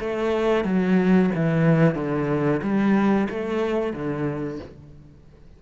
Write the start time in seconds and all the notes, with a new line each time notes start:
0.00 A3
0.64 F#3
1.35 E3
1.95 D3
2.62 G3
3.29 A3
3.93 D3